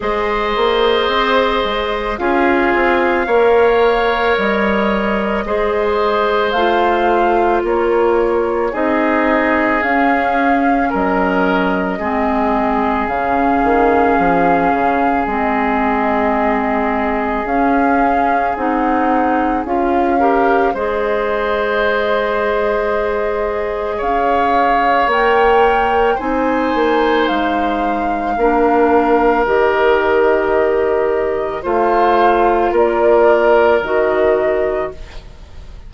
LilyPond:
<<
  \new Staff \with { instrumentName = "flute" } { \time 4/4 \tempo 4 = 55 dis''2 f''2 | dis''2 f''4 cis''4 | dis''4 f''4 dis''2 | f''2 dis''2 |
f''4 fis''4 f''4 dis''4~ | dis''2 f''4 g''4 | gis''4 f''2 dis''4~ | dis''4 f''4 d''4 dis''4 | }
  \new Staff \with { instrumentName = "oboe" } { \time 4/4 c''2 gis'4 cis''4~ | cis''4 c''2 ais'4 | gis'2 ais'4 gis'4~ | gis'1~ |
gis'2~ gis'8 ais'8 c''4~ | c''2 cis''2 | c''2 ais'2~ | ais'4 c''4 ais'2 | }
  \new Staff \with { instrumentName = "clarinet" } { \time 4/4 gis'2 f'4 ais'4~ | ais'4 gis'4 f'2 | dis'4 cis'2 c'4 | cis'2 c'2 |
cis'4 dis'4 f'8 g'8 gis'4~ | gis'2. ais'4 | dis'2 d'4 g'4~ | g'4 f'2 fis'4 | }
  \new Staff \with { instrumentName = "bassoon" } { \time 4/4 gis8 ais8 c'8 gis8 cis'8 c'8 ais4 | g4 gis4 a4 ais4 | c'4 cis'4 fis4 gis4 | cis8 dis8 f8 cis8 gis2 |
cis'4 c'4 cis'4 gis4~ | gis2 cis'4 ais4 | c'8 ais8 gis4 ais4 dis4~ | dis4 a4 ais4 dis4 | }
>>